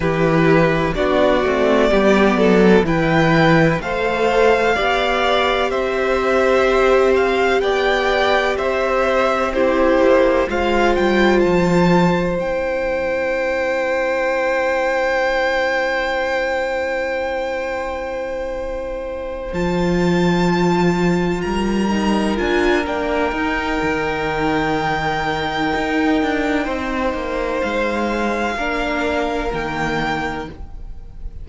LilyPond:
<<
  \new Staff \with { instrumentName = "violin" } { \time 4/4 \tempo 4 = 63 b'4 d''2 g''4 | f''2 e''4. f''8 | g''4 e''4 c''4 f''8 g''8 | a''4 g''2.~ |
g''1~ | g''8 a''2 ais''4 gis''8 | g''1~ | g''4 f''2 g''4 | }
  \new Staff \with { instrumentName = "violin" } { \time 4/4 g'4 fis'4 g'8 a'8 b'4 | c''4 d''4 c''2 | d''4 c''4 g'4 c''4~ | c''1~ |
c''1~ | c''2~ c''8 ais'4.~ | ais'1 | c''2 ais'2 | }
  \new Staff \with { instrumentName = "viola" } { \time 4/4 e'4 d'8 c'8 b4 e'4 | a'4 g'2.~ | g'2 e'4 f'4~ | f'4 e'2.~ |
e'1~ | e'8 f'2~ f'8 dis'8 f'8 | d'8 dis'2.~ dis'8~ | dis'2 d'4 ais4 | }
  \new Staff \with { instrumentName = "cello" } { \time 4/4 e4 b8 a8 g8 fis8 e4 | a4 b4 c'2 | b4 c'4. ais8 gis8 g8 | f4 c'2.~ |
c'1~ | c'8 f2 g4 d'8 | ais8 dis'8 dis2 dis'8 d'8 | c'8 ais8 gis4 ais4 dis4 | }
>>